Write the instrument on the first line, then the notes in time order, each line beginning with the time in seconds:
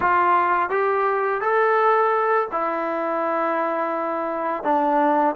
trombone
0.00 F4
0.69 G4
1.41 A4
2.51 E4
4.63 D4